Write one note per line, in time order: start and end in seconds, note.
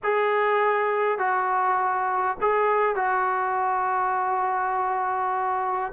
0.03 1.18 G#4
1.18 2.37 F#4
2.41 2.95 G#4
2.95 5.92 F#4